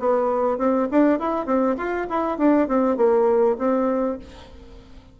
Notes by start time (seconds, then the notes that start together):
0.00 B3
0.58 C4
0.91 D4
1.19 E4
1.46 C4
1.77 F4
2.10 E4
2.38 D4
2.68 C4
2.97 A#3
3.59 C4